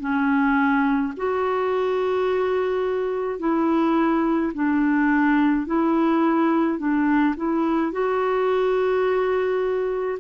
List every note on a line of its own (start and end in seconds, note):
0.00 1.13 C#4
1.17 3.39 F#4
3.39 4.52 E4
4.54 5.67 D4
5.67 6.78 E4
6.78 7.35 D4
7.36 7.92 E4
7.92 10.19 F#4